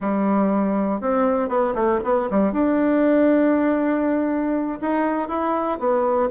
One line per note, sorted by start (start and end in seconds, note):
0.00 1.00 G3
1.00 1.48 C4
1.48 1.73 B3
1.74 2.00 A3
2.04 2.29 B3
2.30 2.52 G3
2.52 4.79 D4
4.81 5.28 D#4
5.28 5.78 E4
5.79 6.29 B3